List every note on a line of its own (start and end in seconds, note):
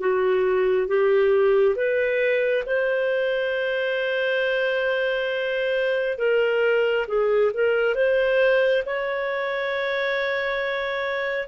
0.00 0.87 F#4
0.87 1.75 G4
1.75 2.64 B4
2.66 6.18 C5
6.18 7.06 A#4
7.07 7.52 G#4
7.54 7.95 A#4
7.95 8.83 C5
8.86 11.48 C#5